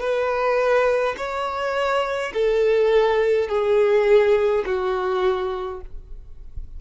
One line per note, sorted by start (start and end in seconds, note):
0.00 1.15 B4
1.17 2.33 C#5
2.34 3.49 A4
3.49 4.64 G#4
4.66 5.81 F#4